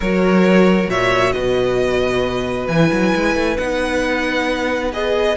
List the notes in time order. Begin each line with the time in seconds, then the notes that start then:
0.00 F#3 F#4 A#4 C#5
0.88 A#2 C#5 E5
1.32 B2 B4 D#5
2.67 E3 E4 G#5
2.92 F#3
3.15 G#3
3.35 A3
3.57 B3 D#4 F#5
4.92 G#4 D#5